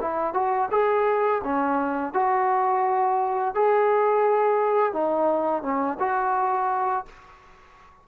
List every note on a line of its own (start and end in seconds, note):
0.00 0.33 E4
0.33 0.69 F#4
0.71 1.41 G#4
1.43 2.13 C#4
2.13 3.54 F#4
3.54 4.93 G#4
4.93 5.62 D#4
5.62 5.97 C#4
5.99 7.05 F#4